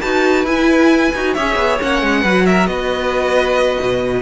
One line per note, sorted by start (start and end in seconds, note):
0.00 0.44 D#4
0.00 0.46 F#4
0.00 1.33 B4
0.00 0.45 A5
0.44 1.11 E4
0.44 1.13 E4
0.44 1.34 G#5
1.15 1.37 D#4
1.15 1.37 F#4
1.34 1.56 C#4
1.34 1.80 G#4
1.34 2.21 C#5
1.34 1.78 E5
1.56 1.78 B3
1.80 2.02 A#3
1.80 2.25 C#4
1.80 2.46 F#5
2.02 2.24 G#3
2.21 2.66 F#3
2.21 4.22 F#4
2.21 2.43 B4
2.46 2.70 A#4
2.46 2.67 E5
2.66 3.78 B3
2.66 4.22 B4
2.66 4.22 D#5
3.81 4.22 B2